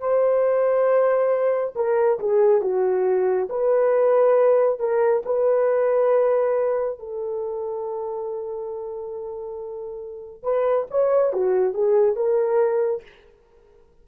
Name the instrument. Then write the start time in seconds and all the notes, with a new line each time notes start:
horn
0.00 C5
1.76 A#4
2.19 G#4
2.62 F#4
3.50 B4
4.80 A#4
5.26 B4
6.99 A4
10.43 B4
10.91 C#5
11.33 F#4
11.74 G#4
12.16 A#4